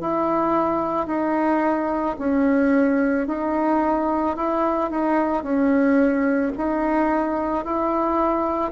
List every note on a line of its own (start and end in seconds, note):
0.00 1.07 E4
1.07 2.16 D#4
2.18 3.27 C#4
3.27 4.36 D#4
4.36 4.90 E4
4.90 5.42 D#4
5.42 6.52 C#4
6.57 7.65 D#4
7.65 8.71 E4